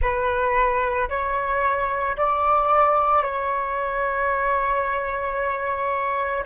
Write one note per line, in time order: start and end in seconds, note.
0.01 1.08 B4
1.09 2.16 C#5
2.16 3.22 D5
3.22 6.44 C#5